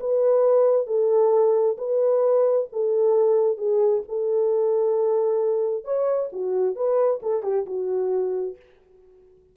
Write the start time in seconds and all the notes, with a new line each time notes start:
0.00 B4
0.87 A4
1.77 B4
2.73 A4
3.58 G#4
4.08 A4
5.84 C#5
6.32 F#4
6.75 B4
7.22 A4
7.43 G4
7.66 F#4